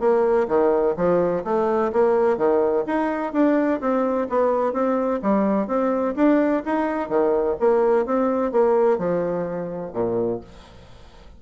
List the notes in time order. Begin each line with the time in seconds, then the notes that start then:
0.00 A#3
0.48 D#3
0.97 F3
1.45 A3
1.93 A#3
2.38 D#3
2.87 D#4
3.33 D4
3.81 C4
4.30 B3
4.73 C4
5.22 G3
5.68 C4
6.16 D4
6.66 D#4
7.09 D#3
7.60 A#3
8.06 C4
8.52 A#3
8.98 F3
9.94 A#2